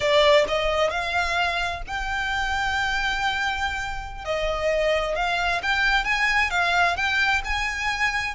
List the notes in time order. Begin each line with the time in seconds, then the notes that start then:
0.00 D5
0.48 D#5
0.90 F5
1.87 G5
4.24 D#5
5.15 F5
5.62 G5
6.04 G#5
6.50 F5
6.96 G5
7.44 G#5